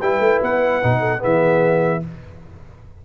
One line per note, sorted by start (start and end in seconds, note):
0.00 0.19 G3
0.00 0.83 E4
0.00 0.99 B4
0.00 0.41 G5
0.19 0.39 A3
0.42 0.83 B3
0.42 1.23 F#5
0.83 1.24 B2
0.83 1.18 D#4
0.99 1.19 A4
1.18 2.05 E3
1.18 2.00 B3
1.18 2.02 G#4
1.18 2.04 E5